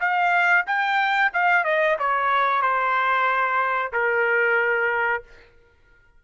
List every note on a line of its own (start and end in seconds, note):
0.00 0.65 F5
0.66 1.31 G5
1.33 1.64 F5
1.64 1.97 D#5
1.99 2.61 C#5
2.61 3.92 C5
3.92 5.23 A#4